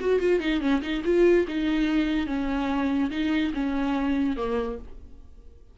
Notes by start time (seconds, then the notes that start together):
0.00 F#4
0.20 F4
0.40 D#4
0.60 C#4
0.82 D#4
1.04 F4
1.48 D#4
2.27 C#4
3.11 D#4
3.54 C#4
4.36 A#3